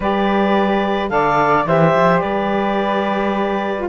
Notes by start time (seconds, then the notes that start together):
0.00 G3 G4 B4 D5
1.09 D3 A4 D5 F5
1.65 E3 G4 C5 E5
1.94 F3
2.19 G3 B4 D5
3.77 F4